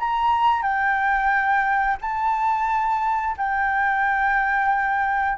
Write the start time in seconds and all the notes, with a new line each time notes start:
0.00 A#5
0.63 G5
2.02 A5
3.38 G5